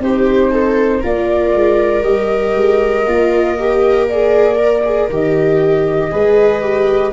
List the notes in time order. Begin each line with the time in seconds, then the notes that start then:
0.00 C4 D#4 G4 C5
0.51 A4
1.00 A#3 F4 A#4 D5
1.54 G#3
2.03 G3 G4 D#5
2.56 G#3
3.06 A#3 F4
3.59 G4
4.08 G#4 D5
4.56 A#4
4.85 G#4
5.10 D#3 G4 D#5
6.11 G#3 G#4 B4
6.62 G4